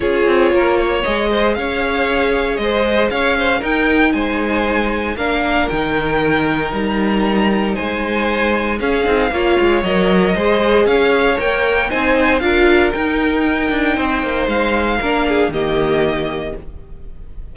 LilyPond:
<<
  \new Staff \with { instrumentName = "violin" } { \time 4/4 \tempo 4 = 116 cis''2 dis''4 f''4~ | f''4 dis''4 f''4 g''4 | gis''2 f''4 g''4~ | g''4 ais''2 gis''4~ |
gis''4 f''2 dis''4~ | dis''4 f''4 g''4 gis''4 | f''4 g''2. | f''2 dis''2 | }
  \new Staff \with { instrumentName = "violin" } { \time 4/4 gis'4 ais'8 cis''4 c''8 cis''4~ | cis''4 c''4 cis''8 c''8 ais'4 | c''2 ais'2~ | ais'2. c''4~ |
c''4 gis'4 cis''2 | c''4 cis''2 c''4 | ais'2. c''4~ | c''4 ais'8 gis'8 g'2 | }
  \new Staff \with { instrumentName = "viola" } { \time 4/4 f'2 gis'2~ | gis'2. dis'4~ | dis'2 d'4 dis'4~ | dis'1~ |
dis'4 cis'8 dis'8 f'4 ais'4 | gis'2 ais'4 dis'4 | f'4 dis'2.~ | dis'4 d'4 ais2 | }
  \new Staff \with { instrumentName = "cello" } { \time 4/4 cis'8 c'8 ais4 gis4 cis'4~ | cis'4 gis4 cis'4 dis'4 | gis2 ais4 dis4~ | dis4 g2 gis4~ |
gis4 cis'8 c'8 ais8 gis8 fis4 | gis4 cis'4 ais4 c'4 | d'4 dis'4. d'8 c'8 ais8 | gis4 ais4 dis2 | }
>>